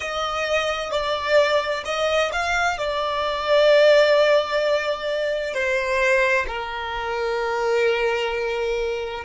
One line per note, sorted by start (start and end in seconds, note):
0.00 0.91 D#5
0.91 1.83 D5
1.85 2.31 D#5
2.32 2.78 F5
2.78 5.53 D5
5.53 6.46 C5
6.47 9.24 A#4